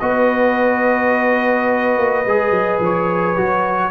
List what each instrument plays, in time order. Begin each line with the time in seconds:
0.00 tuba B3, trombone F#4, horn B4, trumpet D#5
1.98 tuba A#3
2.26 tuba G#3, trombone G#4
2.51 tuba F#3
2.80 tuba F3, trumpet C#5
3.37 tuba F#3, trombone F#4